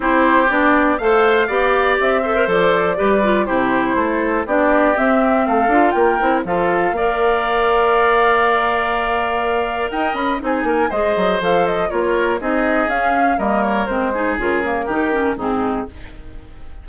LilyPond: <<
  \new Staff \with { instrumentName = "flute" } { \time 4/4 \tempo 4 = 121 c''4 d''4 f''2 | e''4 d''2 c''4~ | c''4 d''4 e''4 f''4 | g''4 f''2.~ |
f''1 | g''8 b''8 gis''4 dis''4 f''8 dis''8 | cis''4 dis''4 f''4 dis''8 cis''8 | c''4 ais'2 gis'4 | }
  \new Staff \with { instrumentName = "oboe" } { \time 4/4 g'2 c''4 d''4~ | d''8 c''4. b'4 g'4 | a'4 g'2 a'4 | ais'4 a'4 d''2~ |
d''1 | dis''4 gis'8 ais'8 c''2 | ais'4 gis'2 ais'4~ | ais'8 gis'4. g'4 dis'4 | }
  \new Staff \with { instrumentName = "clarinet" } { \time 4/4 e'4 d'4 a'4 g'4~ | g'8 a'16 ais'16 a'4 g'8 f'8 e'4~ | e'4 d'4 c'4. f'8~ | f'8 e'8 f'4 ais'2~ |
ais'1~ | ais'4 dis'4 gis'4 a'4 | f'4 dis'4 cis'4 ais4 | c'8 dis'8 f'8 ais8 dis'8 cis'8 c'4 | }
  \new Staff \with { instrumentName = "bassoon" } { \time 4/4 c'4 b4 a4 b4 | c'4 f4 g4 c4 | a4 b4 c'4 a8 d'8 | ais8 c'8 f4 ais2~ |
ais1 | dis'8 cis'8 c'8 ais8 gis8 fis8 f4 | ais4 c'4 cis'4 g4 | gis4 cis4 dis4 gis,4 | }
>>